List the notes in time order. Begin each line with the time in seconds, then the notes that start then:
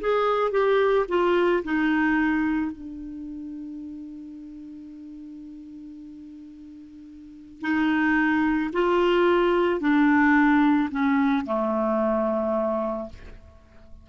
0.00 G#4
0.51 G4
1.08 F4
1.64 D#4
2.71 D4
7.61 D#4
8.73 F4
9.80 D4
10.91 C#4
11.45 A3